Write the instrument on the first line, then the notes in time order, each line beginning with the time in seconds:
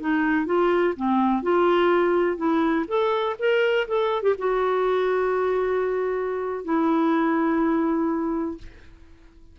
clarinet
0.00 D#4
0.46 F4
0.96 C4
1.42 F4
2.37 E4
2.87 A4
3.38 A#4
3.88 A4
4.22 G4
4.38 F#4
6.64 E4